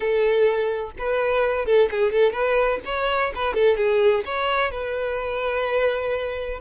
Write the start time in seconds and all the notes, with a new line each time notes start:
0.00 A4
0.98 B4
1.65 A4
1.90 G#4
2.12 A4
2.32 B4
2.85 C#5
3.35 B4
3.53 A4
3.76 G#4
4.25 C#5
4.71 B4